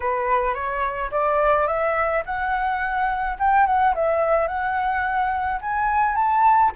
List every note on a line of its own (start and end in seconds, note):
0.00 0.54 B4
0.54 1.10 C#5
1.11 1.67 D5
1.67 2.23 E5
2.25 3.37 F#5
3.39 3.66 G5
3.66 3.94 F#5
3.94 4.47 E5
4.47 5.59 F#5
5.61 6.15 G#5
6.15 6.71 A5